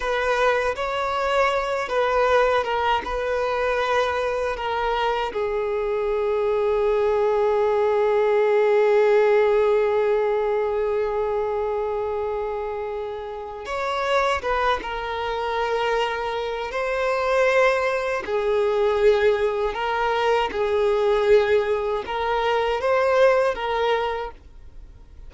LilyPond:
\new Staff \with { instrumentName = "violin" } { \time 4/4 \tempo 4 = 79 b'4 cis''4. b'4 ais'8 | b'2 ais'4 gis'4~ | gis'1~ | gis'1~ |
gis'2 cis''4 b'8 ais'8~ | ais'2 c''2 | gis'2 ais'4 gis'4~ | gis'4 ais'4 c''4 ais'4 | }